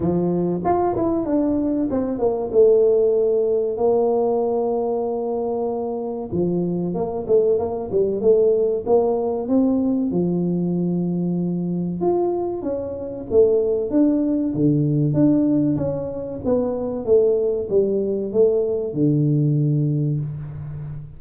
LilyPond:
\new Staff \with { instrumentName = "tuba" } { \time 4/4 \tempo 4 = 95 f4 f'8 e'8 d'4 c'8 ais8 | a2 ais2~ | ais2 f4 ais8 a8 | ais8 g8 a4 ais4 c'4 |
f2. f'4 | cis'4 a4 d'4 d4 | d'4 cis'4 b4 a4 | g4 a4 d2 | }